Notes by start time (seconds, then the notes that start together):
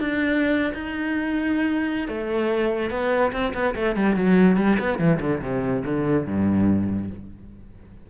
0.00 D4
0.74 D#4
2.08 A3
2.90 B3
3.32 C4
3.54 B3
3.75 A3
3.96 G3
4.16 F#3
4.56 G3
4.79 B3
4.98 E3
5.20 D3
5.41 C3
5.85 D3
6.26 G2